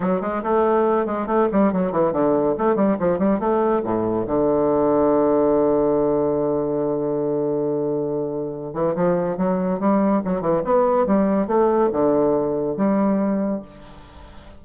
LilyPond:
\new Staff \with { instrumentName = "bassoon" } { \time 4/4 \tempo 4 = 141 fis8 gis8 a4. gis8 a8 g8 | fis8 e8 d4 a8 g8 f8 g8 | a4 a,4 d2~ | d1~ |
d1~ | d8 e8 f4 fis4 g4 | fis8 e8 b4 g4 a4 | d2 g2 | }